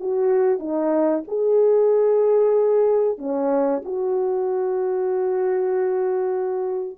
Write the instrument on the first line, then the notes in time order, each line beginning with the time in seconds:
horn
0.00 F#4
0.59 D#4
1.28 G#4
3.18 C#4
3.85 F#4